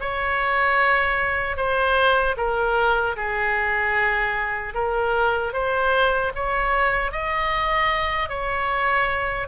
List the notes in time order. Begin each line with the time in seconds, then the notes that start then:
0.00 C#5
1.56 C5
2.36 A#4
3.16 G#4
4.74 A#4
5.53 C5
6.34 C#5
7.11 D#5
8.29 C#5